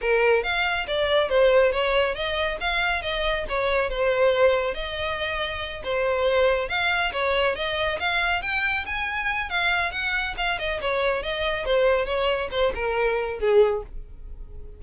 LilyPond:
\new Staff \with { instrumentName = "violin" } { \time 4/4 \tempo 4 = 139 ais'4 f''4 d''4 c''4 | cis''4 dis''4 f''4 dis''4 | cis''4 c''2 dis''4~ | dis''4. c''2 f''8~ |
f''8 cis''4 dis''4 f''4 g''8~ | g''8 gis''4. f''4 fis''4 | f''8 dis''8 cis''4 dis''4 c''4 | cis''4 c''8 ais'4. gis'4 | }